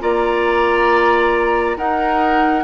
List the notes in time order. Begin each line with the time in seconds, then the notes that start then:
0.00 A#3 F4 D5 A#5
1.76 D#4 A#4 F#5